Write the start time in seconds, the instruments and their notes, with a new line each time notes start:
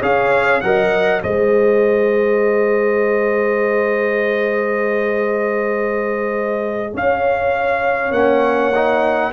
0.00 tuba C#4, trombone G#4, horn C#5, trumpet F5
0.61 tuba F#3, trombone A#4, horn D#5, trumpet F#5
1.23 tuba G#3, trombone G#4, horn C5, trumpet D#5
6.94 tuba C#4, horn C#5, trumpet F5
8.11 tuba A#3, trombone C#4, trumpet F#5
8.75 trombone D#4